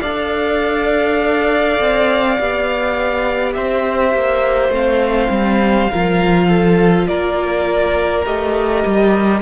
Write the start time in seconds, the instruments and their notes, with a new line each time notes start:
0.00 cello D4, viola A4, violin D5 F5
1.80 cello C4
2.38 cello B3, viola G4
3.54 cello C4, violin C5 E5
4.14 cello A#3
4.69 cello A3, viola C4, violin F5
5.30 cello G3
5.91 cello F3, viola F4, violin A#4
6.48 violin A4
7.08 cello A#3, violin A#4 D5
8.25 cello A3, viola G4, violin D#5
8.86 cello G3